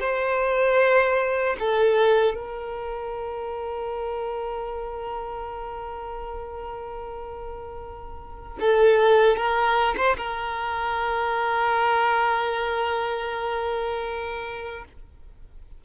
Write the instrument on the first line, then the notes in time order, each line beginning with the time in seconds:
violin
0.00 C5
1.59 A4
2.34 A#4
8.60 A4
9.36 A#4
9.97 C5
10.17 A#4